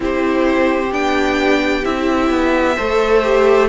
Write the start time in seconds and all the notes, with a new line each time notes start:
0.00 C4 E4 G4 C5
0.92 B3 D4 G5
1.82 C4 E4 E5
2.30 B3
2.76 A3 A4 C5
3.22 G4